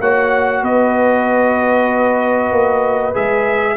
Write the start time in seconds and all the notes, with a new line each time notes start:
0.00 A#3 F#4 C#5 F#5
0.63 B3 B4 D#5
2.52 A#3
3.14 G#3 G#4 E5